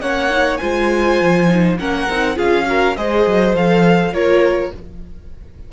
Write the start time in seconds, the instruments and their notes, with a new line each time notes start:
0.00 cello A#3, viola C#4, violin C#5 F#5
0.30 viola D#4
0.57 cello G#3, viola F4, violin C5 G#5
1.21 cello F3
1.48 viola D#4
1.78 cello A#3, viola C#4, violin A#4 F#5
2.09 cello C4, viola D#4
2.35 cello C#4, viola F4, violin G#4 F5
2.65 viola F#4, violin A#4
2.96 cello G#3, viola G#4, violin C5 D#5
3.26 cello F#3
3.54 cello F3, viola A4, violin F5
4.12 cello A#3, viola F4, violin A#4 C#5